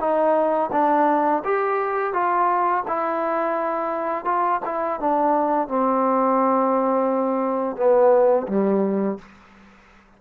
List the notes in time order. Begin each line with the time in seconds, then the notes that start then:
0.00 D#4
0.73 D4
1.45 G4
2.13 F4
2.88 E4
4.25 F4
4.66 E4
5.00 D4
5.69 C4
7.76 B3
8.48 G3